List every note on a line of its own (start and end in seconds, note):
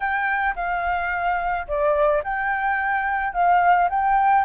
0.00 0.55 G5
0.55 1.66 F5
1.67 2.22 D5
2.23 3.33 G5
3.33 3.89 F5
3.89 4.44 G5